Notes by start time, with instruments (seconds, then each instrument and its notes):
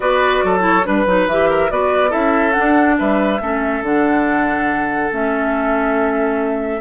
0.00 bassoon B3, clarinet F#4, oboe B4, flute D5
0.43 bassoon F#3, oboe A4
0.59 clarinet E4
0.66 flute C#5
0.84 bassoon G3, clarinet D4, flute B4, oboe B4
1.06 bassoon F#3, clarinet D#4
1.27 bassoon E3, clarinet G4, flute E5
1.49 oboe A#4
1.70 bassoon B3, clarinet F#4, oboe B4, flute D5
2.09 bassoon C#4, clarinet E4, oboe A4, flute E5
2.52 clarinet D4, flute F#5
2.59 bassoon D4
2.98 bassoon G3, oboe B4, flute E5
3.40 bassoon A3, clarinet C#4, oboe A4
3.81 bassoon D3, clarinet D4, flute F#5
5.11 bassoon A3, clarinet C#4, flute E5